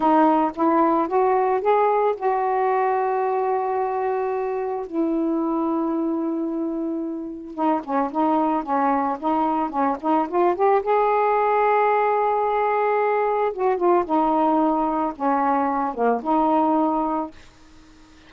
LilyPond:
\new Staff \with { instrumentName = "saxophone" } { \time 4/4 \tempo 4 = 111 dis'4 e'4 fis'4 gis'4 | fis'1~ | fis'4 e'2.~ | e'2 dis'8 cis'8 dis'4 |
cis'4 dis'4 cis'8 dis'8 f'8 g'8 | gis'1~ | gis'4 fis'8 f'8 dis'2 | cis'4. ais8 dis'2 | }